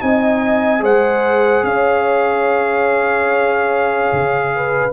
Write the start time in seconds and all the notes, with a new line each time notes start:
0.00 C4 D#4 D#5 G#5
0.80 G#3 G#4 C5 F#5
1.64 C#4 C#5 F5
4.13 C#3
4.55 B4